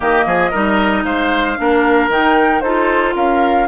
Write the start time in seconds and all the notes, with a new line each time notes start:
0.00 D#3 A#3 G4 D#5
0.25 F3 G#4
0.50 G3 D#4 A#4
1.04 G#3 C5 F5
1.57 A#3 D4 A#4
2.08 D#3 D#4 G5
2.61 D#4 F4 A4 C5
3.15 C#4 A#4 F5